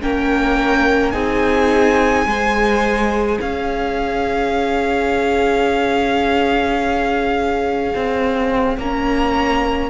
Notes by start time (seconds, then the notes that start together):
0.00 A#3 C#4 A#4 G5
1.11 C4 D#4 G#4 G#5
2.25 G#3 G#4 C5
3.40 C#4 C#5 F5
7.95 C4
8.77 A#3 C#4 A#5